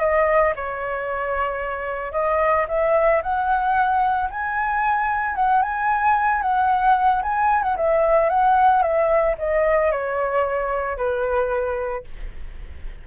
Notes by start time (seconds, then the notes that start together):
0.00 D#5
0.56 C#5
2.12 D#5
2.68 E5
3.23 F#5
4.31 G#5
5.35 F#5
5.62 G#5
6.42 F#5
7.23 G#5
7.63 F#5
7.77 E5
8.29 F#5
8.82 E5
9.38 D#5
9.92 C#5
10.97 B4